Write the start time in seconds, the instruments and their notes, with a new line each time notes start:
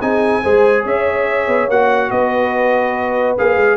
0.00 tuba C4, trombone D#4, horn G#4, trumpet G#5
0.42 tuba G#3, trombone G#4, horn C5
0.82 tuba C#4, horn C#5, trumpet E5
1.47 tuba B3
1.67 tuba A#3, trombone F#4, trumpet F#5
2.10 tuba B3, horn B4, trumpet D#5
3.37 tuba A#3, trombone G#4, trumpet F5
3.56 tuba G#3